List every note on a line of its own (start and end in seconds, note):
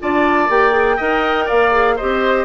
0.00 0.49 D4
0.00 0.49 F4
0.00 0.96 D5
0.00 0.50 A5
0.49 0.98 A#3
0.49 0.71 G4
0.49 1.48 G5
0.71 0.95 G#4
0.96 1.49 D#4
0.96 1.71 A#4
0.96 1.45 D#5
1.45 1.99 A#3
1.45 1.95 D5
1.45 1.97 F5
1.71 1.96 G#4
1.96 2.45 C4
1.96 2.45 G4
1.96 2.45 C5
1.96 2.45 D#5